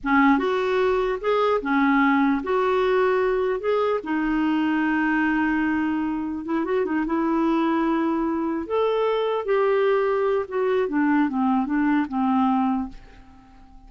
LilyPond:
\new Staff \with { instrumentName = "clarinet" } { \time 4/4 \tempo 4 = 149 cis'4 fis'2 gis'4 | cis'2 fis'2~ | fis'4 gis'4 dis'2~ | dis'1 |
e'8 fis'8 dis'8 e'2~ e'8~ | e'4. a'2 g'8~ | g'2 fis'4 d'4 | c'4 d'4 c'2 | }